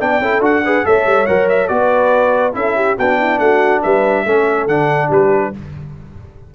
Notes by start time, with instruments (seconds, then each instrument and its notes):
0.00 tuba B3, trombone D4, horn D5, trumpet G5
0.20 tuba C#4, trombone E4, horn A4
0.40 tuba D4, trombone F#4, trumpet F#5
0.64 trombone G#4, horn B4
0.85 tuba A3, trombone A4, horn C#5, trumpet E5
1.06 tuba G3
1.27 tuba F#3, trombone A#4, trumpet F#5
1.49 trumpet E5
1.68 tuba B3, trombone F#4, horn B4, trumpet D5
2.53 tuba C#4, trombone E4, horn A4, trumpet E5
2.76 horn G4
2.97 tuba B3, trombone D4, horn F#4, trumpet G5
3.19 horn E4
3.39 tuba A3, horn F#4, trumpet F#5
3.83 tuba G3, horn B4, trumpet E5
4.26 tuba A3, trombone C#4, horn A4
4.67 tuba D3, trombone D4, trumpet F#5
5.09 tuba G3, horn G4, trumpet B4